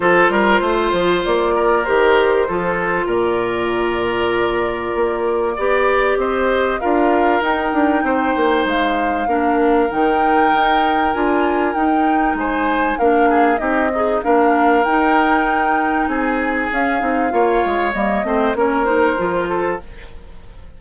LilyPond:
<<
  \new Staff \with { instrumentName = "flute" } { \time 4/4 \tempo 4 = 97 c''2 d''4 c''4~ | c''4 d''2.~ | d''2 dis''4 f''4 | g''2 f''2 |
g''2 gis''4 g''4 | gis''4 f''4 dis''4 f''4 | g''2 gis''4 f''4~ | f''4 dis''4 cis''8 c''4. | }
  \new Staff \with { instrumentName = "oboe" } { \time 4/4 a'8 ais'8 c''4. ais'4. | a'4 ais'2.~ | ais'4 d''4 c''4 ais'4~ | ais'4 c''2 ais'4~ |
ais'1 | c''4 ais'8 gis'8 g'8 dis'8 ais'4~ | ais'2 gis'2 | cis''4. c''8 ais'4. a'8 | }
  \new Staff \with { instrumentName = "clarinet" } { \time 4/4 f'2. g'4 | f'1~ | f'4 g'2 f'4 | dis'2. d'4 |
dis'2 f'4 dis'4~ | dis'4 d'4 dis'8 gis'8 d'4 | dis'2. cis'8 dis'8 | f'4 ais8 c'8 cis'8 dis'8 f'4 | }
  \new Staff \with { instrumentName = "bassoon" } { \time 4/4 f8 g8 a8 f8 ais4 dis4 | f4 ais,2. | ais4 b4 c'4 d'4 | dis'8 d'8 c'8 ais8 gis4 ais4 |
dis4 dis'4 d'4 dis'4 | gis4 ais4 c'4 ais4 | dis'2 c'4 cis'8 c'8 | ais8 gis8 g8 a8 ais4 f4 | }
>>